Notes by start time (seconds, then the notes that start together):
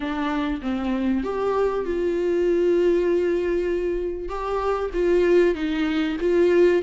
0.00 D4
0.61 C4
1.23 G4
1.85 F4
4.28 G4
4.93 F4
5.54 D#4
6.20 F4